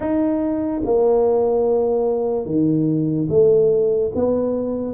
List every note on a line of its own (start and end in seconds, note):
0.00 0.81 D#4
0.84 2.45 A#3
2.45 3.27 D#3
3.29 4.11 A3
4.15 4.93 B3